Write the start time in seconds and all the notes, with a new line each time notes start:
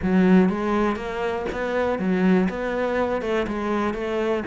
0.02 F#3
0.49 G#3
0.96 A#3
1.52 B3
1.99 F#3
2.49 B3
3.21 A3
3.47 G#3
3.94 A3